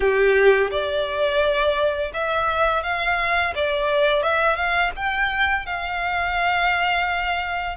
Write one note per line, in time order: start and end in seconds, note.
0.00 0.70 G4
0.71 2.12 D5
2.13 2.83 E5
2.83 3.53 F5
3.55 4.22 D5
4.22 4.56 E5
4.56 4.91 F5
4.96 5.66 G5
5.66 7.76 F5